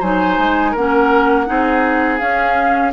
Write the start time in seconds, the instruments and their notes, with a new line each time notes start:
0.00 bassoon F#3, clarinet D#4, oboe C5, flute G#5
0.39 bassoon G#3
0.72 bassoon A#3, clarinet C#4, oboe A#4, flute F#5
1.47 bassoon C4, clarinet D#4, oboe G#4
2.19 clarinet C#4, bassoon C#4, flute F5